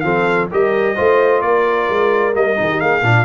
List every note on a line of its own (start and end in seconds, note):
0.00 0.49 F3
0.00 0.50 C4
0.00 0.50 A4
0.00 0.46 F5
0.51 0.98 G3
0.51 0.96 G4
0.51 0.95 A#4
0.51 1.41 D#5
0.95 1.42 A3
0.95 2.33 F4
0.95 1.41 C5
1.41 1.88 A#3
1.41 2.57 A#4
1.41 2.34 D5
1.89 2.35 G#3
2.33 2.58 G3
2.33 2.55 A#3
2.33 2.80 D#5
2.55 2.81 D#3
2.55 3.01 D#4
2.55 2.70 G#4
2.70 2.80 G4
2.80 3.02 A#3
2.80 3.03 G#4
2.80 3.25 F5
3.02 3.25 A#2
3.02 3.25 D4
3.02 3.25 F4